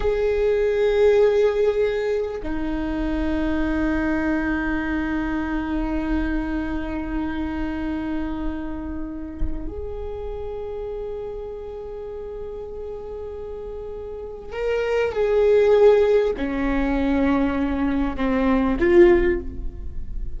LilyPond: \new Staff \with { instrumentName = "viola" } { \time 4/4 \tempo 4 = 99 gis'1 | dis'1~ | dis'1~ | dis'1 |
gis'1~ | gis'1 | ais'4 gis'2 cis'4~ | cis'2 c'4 f'4 | }